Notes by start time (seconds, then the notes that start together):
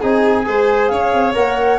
0.00 C4 D#4 G#4 G#5
0.44 G#3 G#4 C5
0.87 C#4 C#5 F5
1.13 C4
1.33 A#3 A#4 F#5